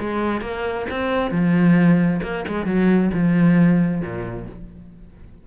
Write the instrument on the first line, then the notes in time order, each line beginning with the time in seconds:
cello
0.00 G#3
0.42 A#3
0.91 C4
1.31 F3
2.23 A#3
2.48 G#3
2.66 F#3
3.14 F3
4.02 A#2